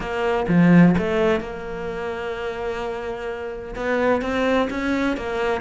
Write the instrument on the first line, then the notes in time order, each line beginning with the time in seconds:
cello
0.00 A#3
0.48 F3
0.98 A3
1.40 A#3
3.75 B3
4.21 C4
4.70 C#4
5.16 A#3